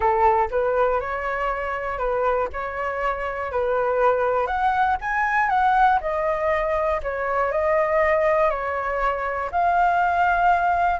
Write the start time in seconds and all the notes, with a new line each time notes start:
0.00 A4
0.50 B4
1.00 C#5
1.98 B4
2.52 C#5
3.51 B4
4.47 F#5
5.01 G#5
5.49 F#5
6.00 D#5
7.02 C#5
7.51 D#5
8.50 C#5
9.51 F5